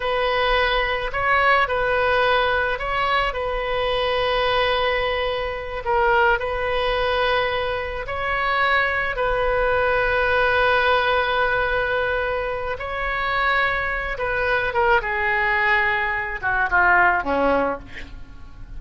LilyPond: \new Staff \with { instrumentName = "oboe" } { \time 4/4 \tempo 4 = 108 b'2 cis''4 b'4~ | b'4 cis''4 b'2~ | b'2~ b'8 ais'4 b'8~ | b'2~ b'8 cis''4.~ |
cis''8 b'2.~ b'8~ | b'2. cis''4~ | cis''4. b'4 ais'8 gis'4~ | gis'4. fis'8 f'4 cis'4 | }